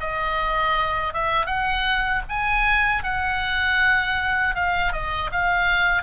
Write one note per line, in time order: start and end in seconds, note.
0.00 1.13 D#5
1.13 1.46 E5
1.46 2.22 F#5
2.29 3.03 G#5
3.03 4.55 F#5
4.55 4.92 F5
4.92 5.30 D#5
5.32 6.02 F5